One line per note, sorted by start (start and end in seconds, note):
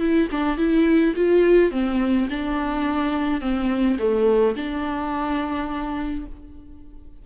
0.00 0.28 E4
0.32 0.58 D4
0.58 1.14 E4
1.16 1.72 F4
1.72 2.28 C4
2.30 3.41 D4
3.41 3.98 C4
3.99 4.56 A3
4.56 6.26 D4